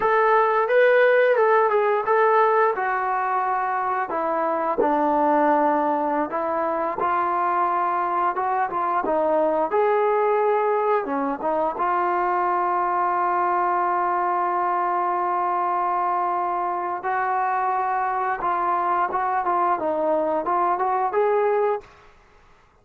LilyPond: \new Staff \with { instrumentName = "trombone" } { \time 4/4 \tempo 4 = 88 a'4 b'4 a'8 gis'8 a'4 | fis'2 e'4 d'4~ | d'4~ d'16 e'4 f'4.~ f'16~ | f'16 fis'8 f'8 dis'4 gis'4.~ gis'16~ |
gis'16 cis'8 dis'8 f'2~ f'8.~ | f'1~ | f'4 fis'2 f'4 | fis'8 f'8 dis'4 f'8 fis'8 gis'4 | }